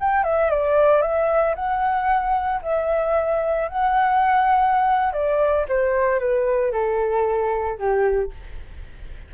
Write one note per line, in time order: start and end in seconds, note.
0.00 0.24 G5
0.24 0.50 E5
0.50 1.01 D5
1.01 1.54 E5
1.55 2.61 F#5
2.62 3.68 E5
3.68 5.13 F#5
5.13 5.66 D5
5.68 6.20 C5
6.20 6.72 B4
6.72 7.78 A4
7.78 8.31 G4